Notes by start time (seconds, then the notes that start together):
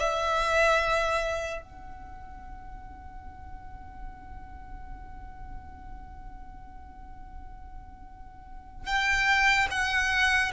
0.00 E5
1.62 F#5
8.86 G5
9.71 F#5